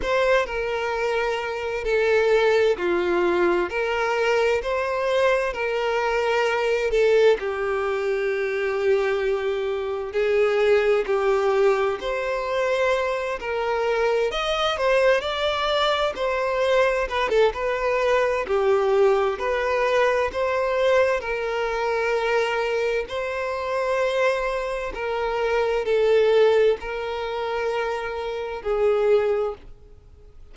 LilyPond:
\new Staff \with { instrumentName = "violin" } { \time 4/4 \tempo 4 = 65 c''8 ais'4. a'4 f'4 | ais'4 c''4 ais'4. a'8 | g'2. gis'4 | g'4 c''4. ais'4 dis''8 |
c''8 d''4 c''4 b'16 a'16 b'4 | g'4 b'4 c''4 ais'4~ | ais'4 c''2 ais'4 | a'4 ais'2 gis'4 | }